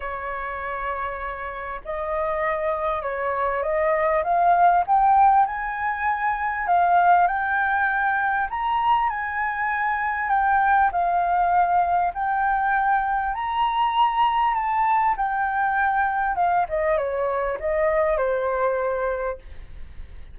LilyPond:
\new Staff \with { instrumentName = "flute" } { \time 4/4 \tempo 4 = 99 cis''2. dis''4~ | dis''4 cis''4 dis''4 f''4 | g''4 gis''2 f''4 | g''2 ais''4 gis''4~ |
gis''4 g''4 f''2 | g''2 ais''2 | a''4 g''2 f''8 dis''8 | cis''4 dis''4 c''2 | }